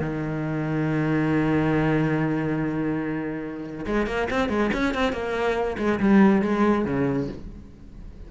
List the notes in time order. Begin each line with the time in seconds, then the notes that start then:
0.00 D#3
3.86 G#3
4.07 A#3
4.30 C4
4.49 G#3
4.74 C#4
4.94 C4
5.13 A#3
5.78 G#3
6.00 G3
6.42 G#3
6.85 C#3